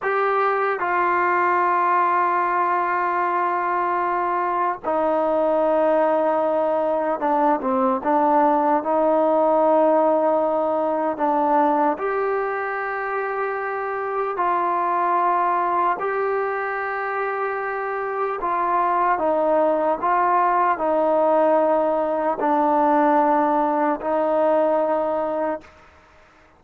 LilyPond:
\new Staff \with { instrumentName = "trombone" } { \time 4/4 \tempo 4 = 75 g'4 f'2.~ | f'2 dis'2~ | dis'4 d'8 c'8 d'4 dis'4~ | dis'2 d'4 g'4~ |
g'2 f'2 | g'2. f'4 | dis'4 f'4 dis'2 | d'2 dis'2 | }